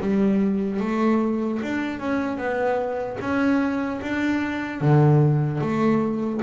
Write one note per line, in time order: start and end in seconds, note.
0.00 0.80 G3
0.80 1.60 A3
1.62 1.99 D4
1.99 2.37 C#4
2.37 3.17 B3
3.20 4.00 C#4
4.01 4.80 D4
4.80 5.60 D3
5.60 6.40 A3